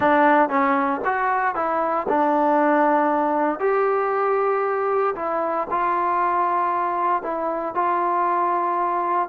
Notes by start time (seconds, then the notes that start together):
0.00 D4
0.49 C#4
1.05 F#4
1.55 E4
2.08 D4
3.59 G4
5.15 E4
5.70 F4
7.22 E4
7.74 F4